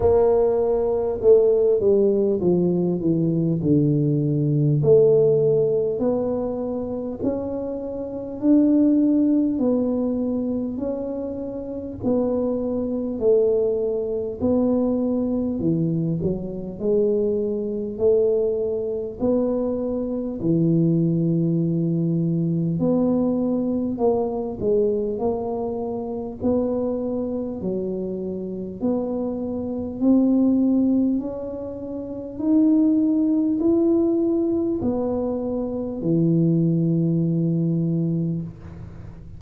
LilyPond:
\new Staff \with { instrumentName = "tuba" } { \time 4/4 \tempo 4 = 50 ais4 a8 g8 f8 e8 d4 | a4 b4 cis'4 d'4 | b4 cis'4 b4 a4 | b4 e8 fis8 gis4 a4 |
b4 e2 b4 | ais8 gis8 ais4 b4 fis4 | b4 c'4 cis'4 dis'4 | e'4 b4 e2 | }